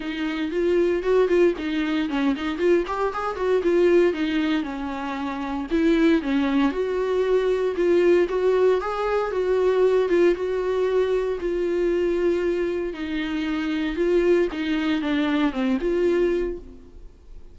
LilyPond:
\new Staff \with { instrumentName = "viola" } { \time 4/4 \tempo 4 = 116 dis'4 f'4 fis'8 f'8 dis'4 | cis'8 dis'8 f'8 g'8 gis'8 fis'8 f'4 | dis'4 cis'2 e'4 | cis'4 fis'2 f'4 |
fis'4 gis'4 fis'4. f'8 | fis'2 f'2~ | f'4 dis'2 f'4 | dis'4 d'4 c'8 f'4. | }